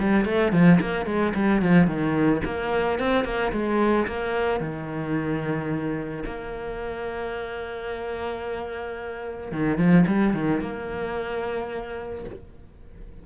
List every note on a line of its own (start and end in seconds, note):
0.00 0.26 G3
0.26 0.53 A3
0.53 0.80 F3
0.81 1.06 A#3
1.06 1.34 G#3
1.35 1.62 G3
1.62 1.87 F3
1.87 2.42 D#3
2.45 2.99 A#3
2.99 3.25 C4
3.25 3.52 A#3
3.53 4.07 G#3
4.07 4.61 A#3
4.61 6.24 D#3
6.26 9.52 A#3
9.52 9.78 D#3
9.78 10.06 F3
10.07 10.34 G3
10.34 10.61 D#3
10.61 12.25 A#3